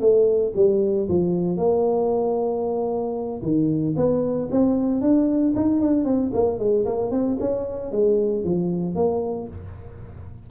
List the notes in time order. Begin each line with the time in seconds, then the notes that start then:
0.00 A3
0.55 G3
1.09 F3
1.57 A#3
3.42 D#3
3.96 B3
4.51 C4
5.01 D4
5.55 D#4
5.80 D4
6.05 C4
6.33 A#3
6.59 G#3
6.85 A#3
7.11 C4
7.40 C#4
7.91 G#3
8.44 F3
8.95 A#3